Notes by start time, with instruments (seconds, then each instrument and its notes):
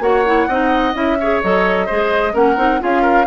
0.00 bassoon A#3, clarinet F#4, oboe C#5, flute F#5
0.26 clarinet E4
0.48 bassoon C4, clarinet D#4, oboe D#5
0.94 bassoon C#4, clarinet E4, flute E5
1.20 clarinet G#4, oboe C#5
1.42 bassoon F#3, clarinet A4, flute D#5
1.86 bassoon G#3, clarinet G#4, oboe C5
2.33 bassoon A#3, clarinet C#4, oboe A#4, flute F#5
2.56 bassoon C4, clarinet D#4
2.80 bassoon C#4, clarinet F4, oboe G#4, flute F5
3.02 oboe A#4